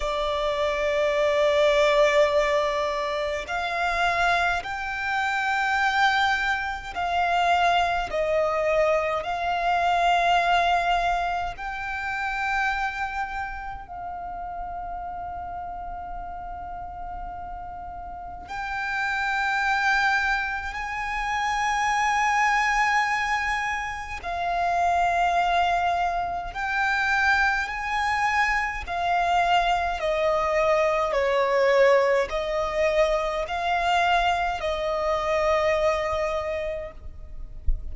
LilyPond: \new Staff \with { instrumentName = "violin" } { \time 4/4 \tempo 4 = 52 d''2. f''4 | g''2 f''4 dis''4 | f''2 g''2 | f''1 |
g''2 gis''2~ | gis''4 f''2 g''4 | gis''4 f''4 dis''4 cis''4 | dis''4 f''4 dis''2 | }